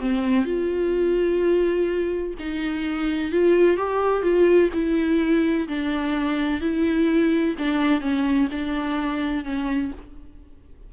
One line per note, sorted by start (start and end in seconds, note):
0.00 0.45 C4
0.45 2.34 F4
2.39 3.32 D#4
3.32 3.77 F4
3.77 4.22 G4
4.22 4.69 F4
4.73 5.67 E4
5.68 6.61 D4
6.61 7.55 E4
7.58 8.01 D4
8.01 8.48 C#4
8.51 9.44 D4
9.44 9.91 C#4